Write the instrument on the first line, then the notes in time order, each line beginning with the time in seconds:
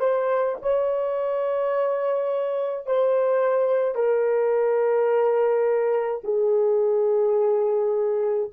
horn
0.00 C5
0.62 C#5
2.87 C5
3.95 A#4
6.24 G#4